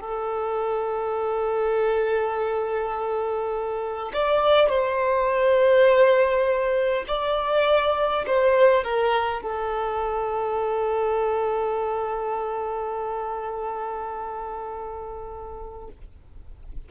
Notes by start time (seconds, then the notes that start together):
0.00 A4
4.13 D5
4.69 C5
7.07 D5
8.26 C5
8.83 A#4
9.42 A4